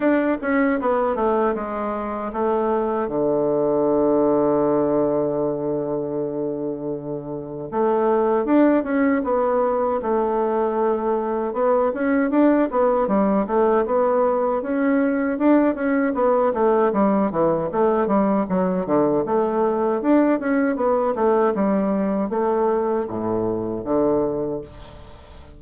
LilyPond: \new Staff \with { instrumentName = "bassoon" } { \time 4/4 \tempo 4 = 78 d'8 cis'8 b8 a8 gis4 a4 | d1~ | d2 a4 d'8 cis'8 | b4 a2 b8 cis'8 |
d'8 b8 g8 a8 b4 cis'4 | d'8 cis'8 b8 a8 g8 e8 a8 g8 | fis8 d8 a4 d'8 cis'8 b8 a8 | g4 a4 a,4 d4 | }